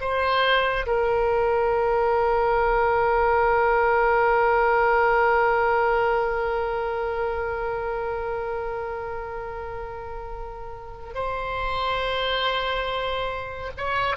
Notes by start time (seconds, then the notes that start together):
0.00 C5
0.86 A#4
11.14 C5
13.77 C#5